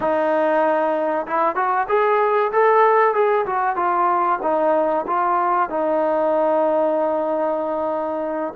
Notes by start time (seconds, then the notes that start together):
0.00 D#4
1.27 E4
1.55 F#4
1.88 G#4
2.51 A4
3.14 G#4
3.46 F#4
3.76 F4
4.42 D#4
5.06 F4
5.69 D#4